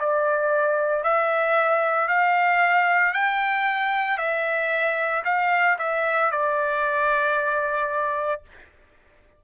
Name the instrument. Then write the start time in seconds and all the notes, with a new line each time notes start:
trumpet
0.00 D5
1.04 E5
2.08 F5
3.13 G5
4.18 E5
5.25 F5
5.79 E5
6.32 D5